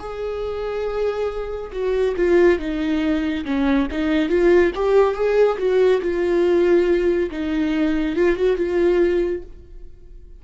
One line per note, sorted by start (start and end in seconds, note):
0.00 1.71 G#4
1.73 2.15 F#4
2.17 2.59 F4
2.59 3.45 D#4
3.46 3.88 C#4
3.92 4.29 D#4
4.29 4.72 F4
4.76 5.15 G4
5.15 5.58 G#4
5.59 6.02 F#4
6.02 7.31 F4
7.32 8.16 D#4
8.16 8.36 F4
8.36 8.57 F#4
8.57 9.43 F4